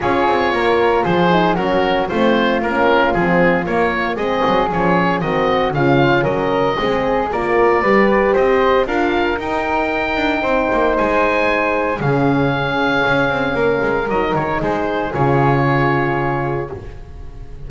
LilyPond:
<<
  \new Staff \with { instrumentName = "oboe" } { \time 4/4 \tempo 4 = 115 cis''2 c''4 ais'4 | c''4 ais'4 gis'4 cis''4 | dis''4 cis''4 dis''4 f''4 | dis''2 d''2 |
dis''4 f''4 g''2~ | g''4 gis''2 f''4~ | f''2. dis''8 cis''8 | c''4 cis''2. | }
  \new Staff \with { instrumentName = "flute" } { \time 4/4 gis'4 ais'4 gis'4 fis'4 | f'1 | gis'2 fis'4 f'4 | ais'4 gis'4 ais'4 b'4 |
c''4 ais'2. | c''2. gis'4~ | gis'2 ais'2 | gis'1 | }
  \new Staff \with { instrumentName = "horn" } { \time 4/4 f'2~ f'8 dis'8 cis'4 | c'4 cis'4 c'4 ais4 | c'4 cis'4 c'4 cis'4~ | cis'4 c'4 f'4 g'4~ |
g'4 f'4 dis'2~ | dis'2. cis'4~ | cis'2. dis'4~ | dis'4 f'2. | }
  \new Staff \with { instrumentName = "double bass" } { \time 4/4 cis'8 c'8 ais4 f4 fis4 | a4 ais4 f4 ais4 | gis8 fis8 f4 dis4 cis4 | fis4 gis4 ais4 g4 |
c'4 d'4 dis'4. d'8 | c'8 ais8 gis2 cis4~ | cis4 cis'8 c'8 ais8 gis8 fis8 dis8 | gis4 cis2. | }
>>